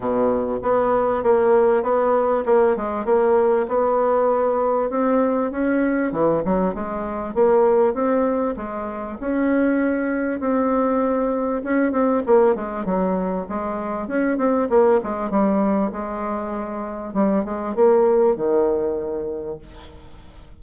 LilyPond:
\new Staff \with { instrumentName = "bassoon" } { \time 4/4 \tempo 4 = 98 b,4 b4 ais4 b4 | ais8 gis8 ais4 b2 | c'4 cis'4 e8 fis8 gis4 | ais4 c'4 gis4 cis'4~ |
cis'4 c'2 cis'8 c'8 | ais8 gis8 fis4 gis4 cis'8 c'8 | ais8 gis8 g4 gis2 | g8 gis8 ais4 dis2 | }